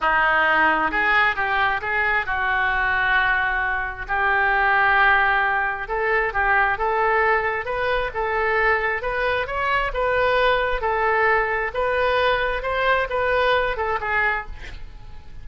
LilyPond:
\new Staff \with { instrumentName = "oboe" } { \time 4/4 \tempo 4 = 133 dis'2 gis'4 g'4 | gis'4 fis'2.~ | fis'4 g'2.~ | g'4 a'4 g'4 a'4~ |
a'4 b'4 a'2 | b'4 cis''4 b'2 | a'2 b'2 | c''4 b'4. a'8 gis'4 | }